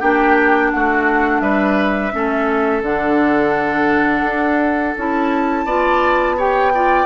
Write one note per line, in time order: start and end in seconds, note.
0.00 0.72 A#3
0.00 2.12 D4
0.00 0.71 G4
0.00 0.71 G5
0.71 1.41 A3
0.71 1.42 F#4
0.71 1.40 F#5
1.40 2.11 G3
1.40 2.12 B4
1.40 2.81 E5
2.12 2.82 A3
2.12 2.82 C#4
2.12 5.66 A4
2.82 4.23 D3
2.82 4.96 D4
2.82 4.96 F#5
4.24 4.94 D4
4.97 5.65 C#4
4.97 5.67 E4
4.97 6.40 A5
5.65 7.06 B3
5.65 6.38 F4
5.65 6.36 D5
6.37 6.73 G4
6.37 6.72 C#5
6.37 7.06 G5
6.74 7.06 F4
6.74 7.06 D5